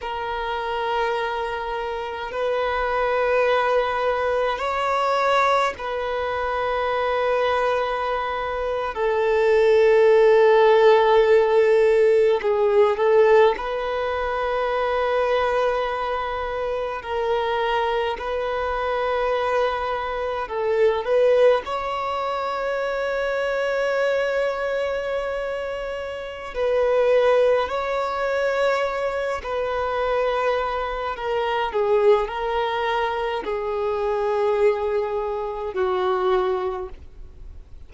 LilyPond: \new Staff \with { instrumentName = "violin" } { \time 4/4 \tempo 4 = 52 ais'2 b'2 | cis''4 b'2~ b'8. a'16~ | a'2~ a'8. gis'8 a'8 b'16~ | b'2~ b'8. ais'4 b'16~ |
b'4.~ b'16 a'8 b'8 cis''4~ cis''16~ | cis''2. b'4 | cis''4. b'4. ais'8 gis'8 | ais'4 gis'2 fis'4 | }